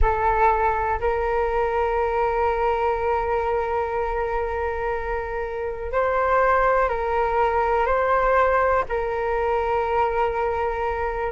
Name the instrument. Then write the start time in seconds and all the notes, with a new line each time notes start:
flute
0.01 A4
1.00 A#4
5.92 C5
6.89 A#4
7.86 C5
8.88 A#4